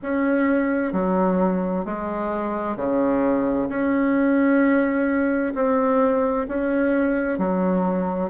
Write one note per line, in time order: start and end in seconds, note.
0.02 0.92 C#4
0.92 1.85 F#3
1.85 2.76 G#3
2.76 3.68 C#3
3.69 5.53 C#4
5.54 6.47 C4
6.47 7.38 C#4
7.38 8.30 F#3